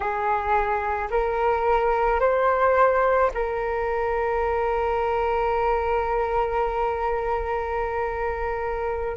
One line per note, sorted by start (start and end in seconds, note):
0.00 1.08 G#4
1.10 2.19 A#4
2.19 3.30 C5
3.34 9.17 A#4